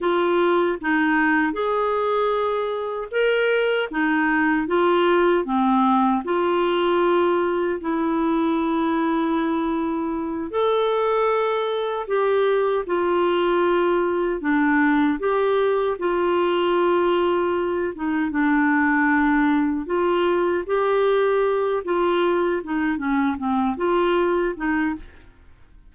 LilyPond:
\new Staff \with { instrumentName = "clarinet" } { \time 4/4 \tempo 4 = 77 f'4 dis'4 gis'2 | ais'4 dis'4 f'4 c'4 | f'2 e'2~ | e'4. a'2 g'8~ |
g'8 f'2 d'4 g'8~ | g'8 f'2~ f'8 dis'8 d'8~ | d'4. f'4 g'4. | f'4 dis'8 cis'8 c'8 f'4 dis'8 | }